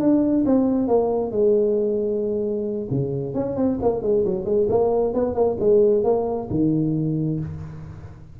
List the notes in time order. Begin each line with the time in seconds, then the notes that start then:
0.00 D4
0.46 C4
0.88 A#3
1.32 G#3
2.91 C#3
3.34 C#4
3.57 C4
3.82 A#3
4.02 G#3
4.25 F#3
4.45 G#3
4.69 A#3
5.14 B3
5.35 A#3
5.60 G#3
6.04 A#3
6.50 D#3